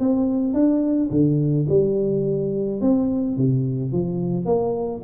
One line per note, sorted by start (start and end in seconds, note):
0.00 0.54 C4
0.54 1.10 D4
1.11 1.67 D3
1.69 2.81 G3
2.81 3.37 C4
3.37 3.93 C3
3.93 4.46 F3
4.46 5.02 A#3